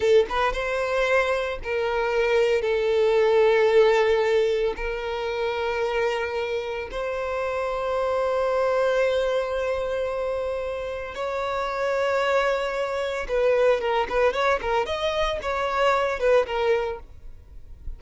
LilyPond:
\new Staff \with { instrumentName = "violin" } { \time 4/4 \tempo 4 = 113 a'8 b'8 c''2 ais'4~ | ais'4 a'2.~ | a'4 ais'2.~ | ais'4 c''2.~ |
c''1~ | c''4 cis''2.~ | cis''4 b'4 ais'8 b'8 cis''8 ais'8 | dis''4 cis''4. b'8 ais'4 | }